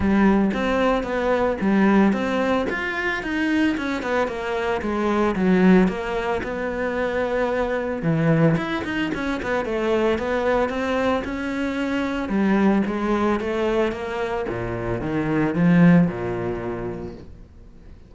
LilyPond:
\new Staff \with { instrumentName = "cello" } { \time 4/4 \tempo 4 = 112 g4 c'4 b4 g4 | c'4 f'4 dis'4 cis'8 b8 | ais4 gis4 fis4 ais4 | b2. e4 |
e'8 dis'8 cis'8 b8 a4 b4 | c'4 cis'2 g4 | gis4 a4 ais4 ais,4 | dis4 f4 ais,2 | }